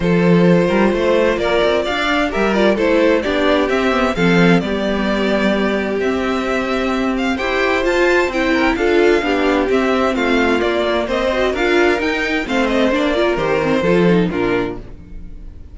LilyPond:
<<
  \new Staff \with { instrumentName = "violin" } { \time 4/4 \tempo 4 = 130 c''2. d''4 | f''4 e''8 d''8 c''4 d''4 | e''4 f''4 d''2~ | d''4 e''2~ e''8 f''8 |
g''4 a''4 g''4 f''4~ | f''4 e''4 f''4 d''4 | dis''4 f''4 g''4 f''8 dis''8 | d''4 c''2 ais'4 | }
  \new Staff \with { instrumentName = "violin" } { \time 4/4 a'4. ais'8 c''4 ais'4 | d''4 ais'4 a'4 g'4~ | g'4 a'4 g'2~ | g'1 |
c''2~ c''8 ais'8 a'4 | g'2 f'2 | c''4 ais'2 c''4~ | c''8 ais'4. a'4 f'4 | }
  \new Staff \with { instrumentName = "viola" } { \time 4/4 f'1~ | f'8 d'8 g'8 f'8 e'4 d'4 | c'8 b8 c'4 b2~ | b4 c'2. |
g'4 f'4 e'4 f'4 | d'4 c'2 ais4~ | ais8 fis'8 f'4 dis'4 c'4 | d'8 f'8 g'8 c'8 f'8 dis'8 d'4 | }
  \new Staff \with { instrumentName = "cello" } { \time 4/4 f4. g8 a4 ais8 c'8 | d'4 g4 a4 b4 | c'4 f4 g2~ | g4 c'2. |
e'4 f'4 c'4 d'4 | b4 c'4 a4 ais4 | c'4 d'4 dis'4 a4 | ais4 dis4 f4 ais,4 | }
>>